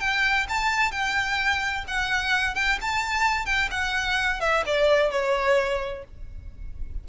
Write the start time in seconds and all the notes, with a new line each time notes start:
0.00 G5
0.49 A5
0.91 G5
1.87 F#5
2.55 G5
2.81 A5
3.45 G5
3.71 F#5
4.40 E5
4.66 D5
5.11 C#5